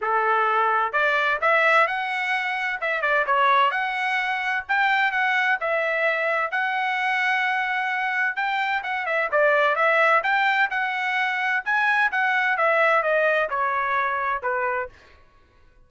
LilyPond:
\new Staff \with { instrumentName = "trumpet" } { \time 4/4 \tempo 4 = 129 a'2 d''4 e''4 | fis''2 e''8 d''8 cis''4 | fis''2 g''4 fis''4 | e''2 fis''2~ |
fis''2 g''4 fis''8 e''8 | d''4 e''4 g''4 fis''4~ | fis''4 gis''4 fis''4 e''4 | dis''4 cis''2 b'4 | }